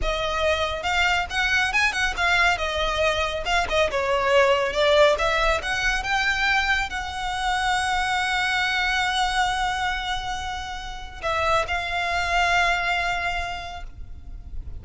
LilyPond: \new Staff \with { instrumentName = "violin" } { \time 4/4 \tempo 4 = 139 dis''2 f''4 fis''4 | gis''8 fis''8 f''4 dis''2 | f''8 dis''8 cis''2 d''4 | e''4 fis''4 g''2 |
fis''1~ | fis''1~ | fis''2 e''4 f''4~ | f''1 | }